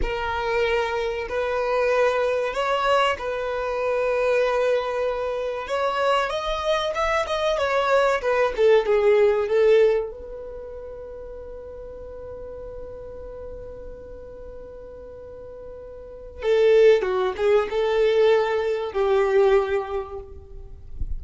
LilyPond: \new Staff \with { instrumentName = "violin" } { \time 4/4 \tempo 4 = 95 ais'2 b'2 | cis''4 b'2.~ | b'4 cis''4 dis''4 e''8 dis''8 | cis''4 b'8 a'8 gis'4 a'4 |
b'1~ | b'1~ | b'2 a'4 fis'8 gis'8 | a'2 g'2 | }